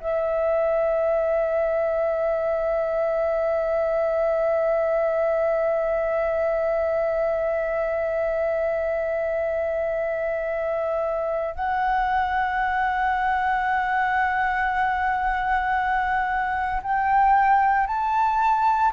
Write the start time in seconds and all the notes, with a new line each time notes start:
0.00 E5
11.55 F#5
16.82 G5
17.87 A5